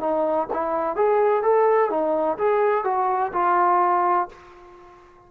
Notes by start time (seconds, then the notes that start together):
0.00 D#4
0.53 E4
0.96 G#4
1.42 A4
1.90 D#4
2.38 G#4
2.84 F#4
3.33 F4